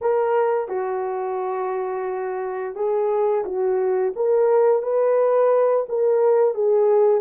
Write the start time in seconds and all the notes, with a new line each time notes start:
0.01 A#4
0.68 F#4
2.75 G#4
3.44 F#4
4.16 A#4
4.82 B4
5.88 A#4
6.54 G#4